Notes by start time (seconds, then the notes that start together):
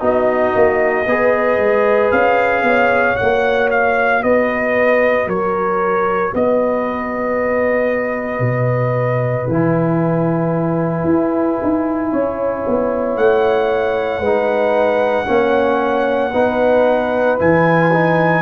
0.00 B3 D#4 F#4 D#5
0.56 A#3
1.07 B3 G#4 B4
1.59 G#3
2.12 C#4 F5
2.63 B3 C#5
3.17 A#3 F#4 F#5
3.71 F5
4.24 B3 B4 D#5
5.27 F#3 A#4 C#5
6.35 B3 B4 D#5
8.40 B2
9.48 E3 E4 G#5
11.05 E4
11.63 D#4
12.12 C#4 C#5
12.68 B3
13.17 A3 F#5
14.20 G#3 D#4 B4
15.26 A#3 C#4 C#5
16.32 B3 D#4 B4
17.39 E3 E4 G#5
17.93 D#4